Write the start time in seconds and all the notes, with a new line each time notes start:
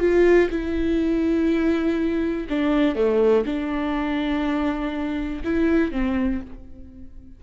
0.00 F4
0.51 E4
2.50 D4
2.96 A3
3.46 D4
5.45 E4
5.92 C4